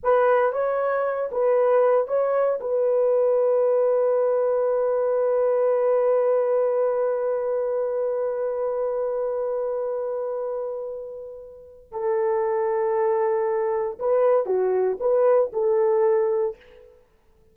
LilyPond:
\new Staff \with { instrumentName = "horn" } { \time 4/4 \tempo 4 = 116 b'4 cis''4. b'4. | cis''4 b'2.~ | b'1~ | b'1~ |
b'1~ | b'2. a'4~ | a'2. b'4 | fis'4 b'4 a'2 | }